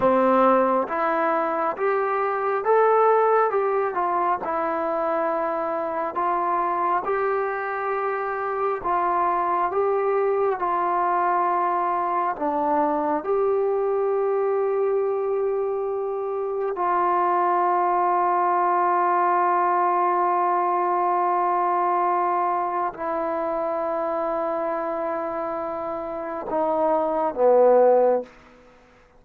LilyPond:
\new Staff \with { instrumentName = "trombone" } { \time 4/4 \tempo 4 = 68 c'4 e'4 g'4 a'4 | g'8 f'8 e'2 f'4 | g'2 f'4 g'4 | f'2 d'4 g'4~ |
g'2. f'4~ | f'1~ | f'2 e'2~ | e'2 dis'4 b4 | }